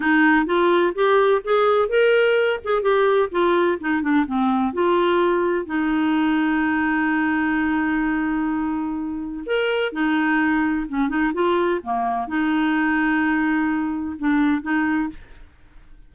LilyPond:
\new Staff \with { instrumentName = "clarinet" } { \time 4/4 \tempo 4 = 127 dis'4 f'4 g'4 gis'4 | ais'4. gis'8 g'4 f'4 | dis'8 d'8 c'4 f'2 | dis'1~ |
dis'1 | ais'4 dis'2 cis'8 dis'8 | f'4 ais4 dis'2~ | dis'2 d'4 dis'4 | }